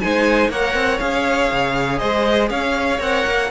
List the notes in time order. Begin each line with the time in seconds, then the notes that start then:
0.00 G#3 D#4 C5 G#5
0.49 A#3 A#4 C#5 F#5
0.74 C4
0.99 C#4 G#4 F5
1.51 C#3
1.98 G#3 C5 D#5
2.50 C#4 C#5 F5
2.99 C4 A#4 F#5
3.26 A#3